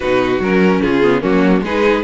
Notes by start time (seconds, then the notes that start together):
0.00 B2 D#4 F#4 B4
0.39 F#3 C#4 A#4
0.81 C#3 F4 G#4
1.03 B3
1.21 F#3 A#3 C#4 F#4
1.61 G#3 D#4 G#4 B4